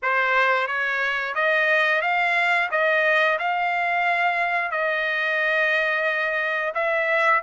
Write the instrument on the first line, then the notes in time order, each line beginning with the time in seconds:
trumpet
0.02 C5
0.67 C#5
1.35 D#5
2.01 F5
2.71 D#5
3.38 F5
4.71 D#5
6.74 E5